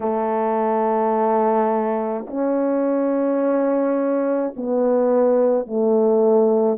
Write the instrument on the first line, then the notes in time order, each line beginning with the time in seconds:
horn
0.00 A3
2.27 C#4
4.56 B3
5.66 A3